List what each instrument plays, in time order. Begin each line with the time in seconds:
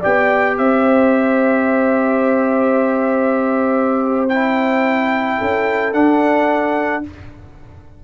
0.00 tuba B3, trombone G4, horn D5, trumpet G5
0.58 tuba C4, horn C5, trumpet E5
4.29 trombone E4, trumpet G5
5.38 tuba C#4, horn A4
5.94 trombone D4, tuba D4, trumpet F#5